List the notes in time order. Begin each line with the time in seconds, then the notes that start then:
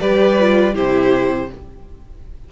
0.00 G3 G4 B4 D5
0.40 F4
0.74 C3 E4 G4 C5